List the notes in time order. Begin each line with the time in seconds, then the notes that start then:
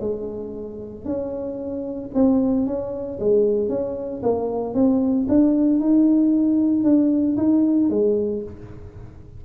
0.00 G#3
1.05 C#4
2.14 C4
2.66 C#4
3.19 G#3
3.69 C#4
4.22 A#3
4.74 C4
5.28 D4
5.80 D#4
6.83 D4
7.37 D#4
7.89 G#3